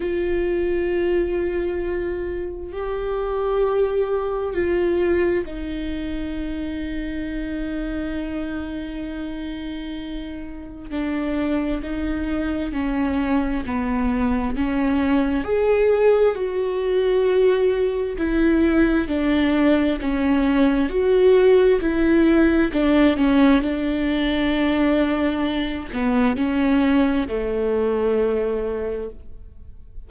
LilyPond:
\new Staff \with { instrumentName = "viola" } { \time 4/4 \tempo 4 = 66 f'2. g'4~ | g'4 f'4 dis'2~ | dis'1 | d'4 dis'4 cis'4 b4 |
cis'4 gis'4 fis'2 | e'4 d'4 cis'4 fis'4 | e'4 d'8 cis'8 d'2~ | d'8 b8 cis'4 a2 | }